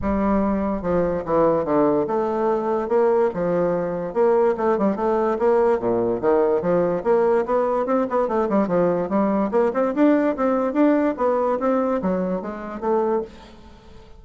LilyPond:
\new Staff \with { instrumentName = "bassoon" } { \time 4/4 \tempo 4 = 145 g2 f4 e4 | d4 a2 ais4 | f2 ais4 a8 g8 | a4 ais4 ais,4 dis4 |
f4 ais4 b4 c'8 b8 | a8 g8 f4 g4 ais8 c'8 | d'4 c'4 d'4 b4 | c'4 fis4 gis4 a4 | }